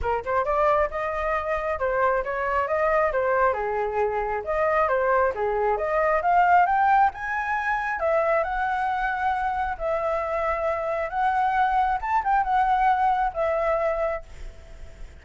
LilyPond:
\new Staff \with { instrumentName = "flute" } { \time 4/4 \tempo 4 = 135 ais'8 c''8 d''4 dis''2 | c''4 cis''4 dis''4 c''4 | gis'2 dis''4 c''4 | gis'4 dis''4 f''4 g''4 |
gis''2 e''4 fis''4~ | fis''2 e''2~ | e''4 fis''2 a''8 g''8 | fis''2 e''2 | }